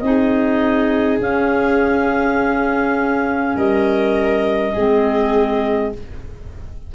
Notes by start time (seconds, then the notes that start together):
0.00 C4 D#4 G#4 D#5
1.19 C#4 F5
3.56 G3 A#4 D#5
4.73 G#3 C4 G#4